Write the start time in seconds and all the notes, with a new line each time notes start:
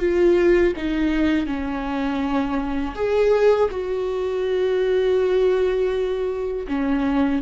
0.00 F4
0.77 D#4
1.47 C#4
2.96 G#4
3.71 F#4
6.68 C#4